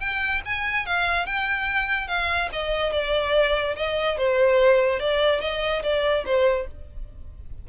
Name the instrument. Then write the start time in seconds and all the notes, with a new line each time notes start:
violin
0.00 G5
0.45 G#5
0.86 F5
1.26 G5
2.08 F5
2.52 D#5
2.92 D5
3.76 D#5
4.18 C5
4.99 D5
5.41 D#5
5.83 D5
6.26 C5